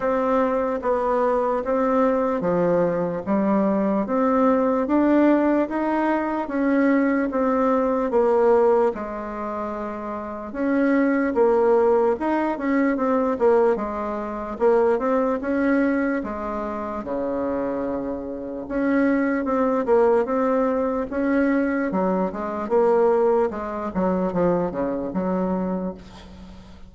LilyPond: \new Staff \with { instrumentName = "bassoon" } { \time 4/4 \tempo 4 = 74 c'4 b4 c'4 f4 | g4 c'4 d'4 dis'4 | cis'4 c'4 ais4 gis4~ | gis4 cis'4 ais4 dis'8 cis'8 |
c'8 ais8 gis4 ais8 c'8 cis'4 | gis4 cis2 cis'4 | c'8 ais8 c'4 cis'4 fis8 gis8 | ais4 gis8 fis8 f8 cis8 fis4 | }